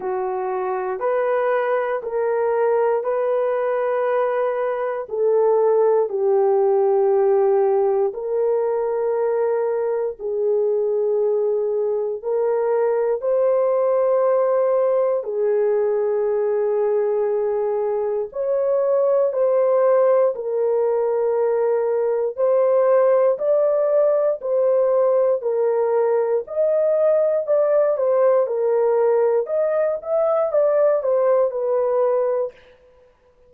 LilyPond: \new Staff \with { instrumentName = "horn" } { \time 4/4 \tempo 4 = 59 fis'4 b'4 ais'4 b'4~ | b'4 a'4 g'2 | ais'2 gis'2 | ais'4 c''2 gis'4~ |
gis'2 cis''4 c''4 | ais'2 c''4 d''4 | c''4 ais'4 dis''4 d''8 c''8 | ais'4 dis''8 e''8 d''8 c''8 b'4 | }